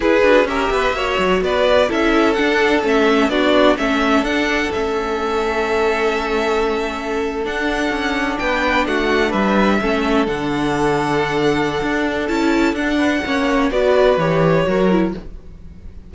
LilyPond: <<
  \new Staff \with { instrumentName = "violin" } { \time 4/4 \tempo 4 = 127 b'4 e''2 d''4 | e''4 fis''4 e''4 d''4 | e''4 fis''4 e''2~ | e''2.~ e''8. fis''16~ |
fis''4.~ fis''16 g''4 fis''4 e''16~ | e''4.~ e''16 fis''2~ fis''16~ | fis''2 a''4 fis''4~ | fis''4 d''4 cis''2 | }
  \new Staff \with { instrumentName = "violin" } { \time 4/4 gis'4 ais'8 b'8 cis''4 b'4 | a'2. fis'4 | a'1~ | a'1~ |
a'4.~ a'16 b'4 fis'4 b'16~ | b'8. a'2.~ a'16~ | a'2.~ a'8 b'8 | cis''4 b'2 ais'4 | }
  \new Staff \with { instrumentName = "viola" } { \time 4/4 e'8 fis'8 g'4 fis'2 | e'4 d'4 cis'4 d'4 | cis'4 d'4 cis'2~ | cis'2.~ cis'8. d'16~ |
d'1~ | d'8. cis'4 d'2~ d'16~ | d'2 e'4 d'4 | cis'4 fis'4 g'4 fis'8 e'8 | }
  \new Staff \with { instrumentName = "cello" } { \time 4/4 e'8 d'8 cis'8 b8 ais8 fis8 b4 | cis'4 d'4 a4 b4 | a4 d'4 a2~ | a2.~ a8. d'16~ |
d'8. cis'4 b4 a4 g16~ | g8. a4 d2~ d16~ | d4 d'4 cis'4 d'4 | ais4 b4 e4 fis4 | }
>>